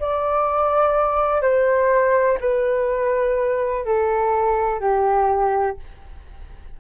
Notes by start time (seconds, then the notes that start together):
0.00 D5
1.42 C5
2.41 B4
3.85 A4
4.80 G4